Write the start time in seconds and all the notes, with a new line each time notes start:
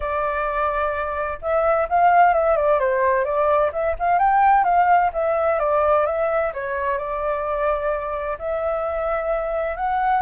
0.00 D5
1.41 E5
1.89 F5
2.33 E5
2.56 D5
2.79 C5
3.24 D5
3.72 E5
3.99 F5
4.18 G5
4.64 F5
5.13 E5
5.59 D5
6.05 E5
6.53 C#5
6.98 D5
8.38 E5
9.76 F#5